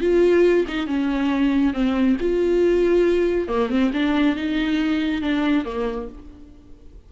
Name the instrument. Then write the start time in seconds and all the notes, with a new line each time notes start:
viola
0.00 F4
0.67 D#4
0.87 C#4
1.73 C4
2.20 F4
3.47 A#3
3.69 C4
3.93 D4
4.35 D#4
5.21 D4
5.64 A#3